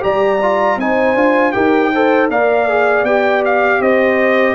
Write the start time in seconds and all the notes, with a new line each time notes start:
0.00 G3 G4 D5 A#5
0.42 F4
0.77 C4 D#4 C5 G#5
1.15 D4 F4
1.52 D#4 G4 A#4 G5
1.94 A4 C5
2.29 A#3 A#4 D5 F5
2.69 G#4
3.03 B3 G4 G5
3.45 F5
3.80 C4 C5 D#5